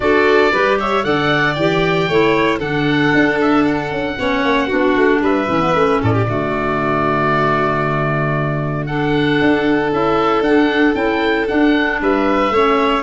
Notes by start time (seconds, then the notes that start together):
0.00 D4 F#4 A4 D5
0.51 G3 G4 B4
0.79 C#5 E5
1.03 D3 A4 D5 F#5
1.54 E3 G4 G5
2.08 A3 E4 C#5
2.59 D3 D4 A4 F#5
3.14 D4
3.41 E5
3.64 F#5
3.90 C#4
4.18 B3 C#4 C#5
4.43 A#3
4.67 B3 D4 F#4
4.96 A3
5.21 G3 B4 E5
5.47 E3 C#4
5.60 B3
5.74 A3 C#4
6.01 A2 A4 D5
6.13 G4
6.27 D3 A3 F#4
8.86 D4 A4 F#5
9.41 D4
9.91 C#4 E4 E5
10.40 D4 F#5
10.93 C#4 E4 G5
11.47 D4 F#5
12.01 G3 B4 E5
12.50 A3 C#4 C#5